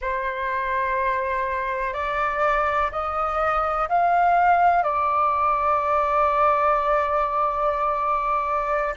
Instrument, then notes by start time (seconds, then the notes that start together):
flute
0.00 C5
1.93 D5
2.91 D#5
3.88 F5
4.83 D5